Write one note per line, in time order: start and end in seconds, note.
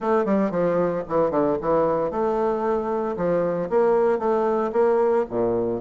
0.00 0.25 A3
0.25 0.50 G3
0.50 1.03 F3
1.08 1.31 E3
1.31 1.57 D3
1.61 2.11 E3
2.11 3.16 A3
3.16 3.69 F3
3.69 4.18 A#3
4.18 4.71 A3
4.72 5.25 A#3
5.29 5.80 A#2